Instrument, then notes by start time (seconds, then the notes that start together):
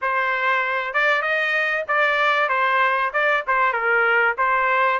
trumpet
0.01 C5
0.93 D5
1.22 D#5
1.88 D5
2.49 C5
3.13 D5
3.47 C5
3.72 A#4
4.37 C5